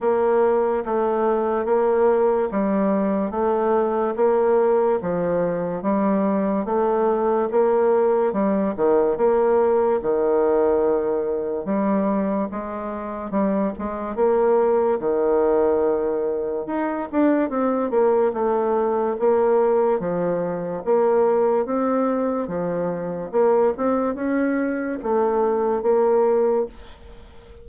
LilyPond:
\new Staff \with { instrumentName = "bassoon" } { \time 4/4 \tempo 4 = 72 ais4 a4 ais4 g4 | a4 ais4 f4 g4 | a4 ais4 g8 dis8 ais4 | dis2 g4 gis4 |
g8 gis8 ais4 dis2 | dis'8 d'8 c'8 ais8 a4 ais4 | f4 ais4 c'4 f4 | ais8 c'8 cis'4 a4 ais4 | }